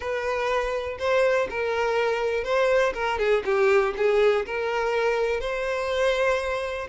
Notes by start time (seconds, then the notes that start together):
0.00 B4
0.98 C5
1.50 A#4
2.43 C5
2.94 A#4
3.18 G#4
3.45 G4
3.96 G#4
4.46 A#4
5.40 C5